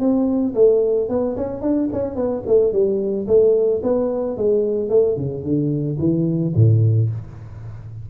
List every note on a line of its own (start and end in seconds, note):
0.00 0.55 C4
0.55 1.09 A3
1.09 1.37 B3
1.37 1.62 C#4
1.62 1.89 D4
1.93 2.15 C#4
2.15 2.43 B3
2.47 2.73 A3
2.73 3.27 G3
3.28 3.82 A3
3.83 4.37 B3
4.37 4.90 G#3
4.90 5.17 A3
5.17 5.44 C#3
5.44 5.98 D3
5.99 6.54 E3
6.56 7.10 A2